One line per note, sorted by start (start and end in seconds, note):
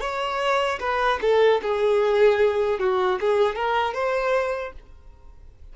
0.00 0.79 C#5
0.80 1.19 B4
1.21 1.61 A4
1.62 2.79 G#4
2.79 3.19 F#4
3.20 3.55 G#4
3.55 3.93 A#4
3.93 4.72 C5